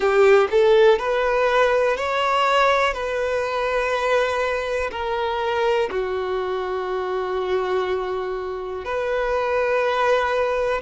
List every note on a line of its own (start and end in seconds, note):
0.00 0.48 G4
0.50 0.98 A4
0.98 1.97 B4
1.97 2.93 C#5
2.93 4.90 B4
4.91 5.89 A#4
5.90 8.84 F#4
8.84 10.81 B4